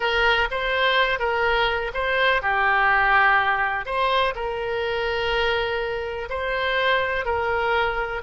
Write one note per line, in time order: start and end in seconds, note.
0.00 0.48 A#4
0.50 1.19 C5
1.19 1.91 A#4
1.94 2.42 C5
2.42 3.85 G4
3.85 4.34 C5
4.35 6.29 A#4
6.29 7.25 C5
7.25 8.21 A#4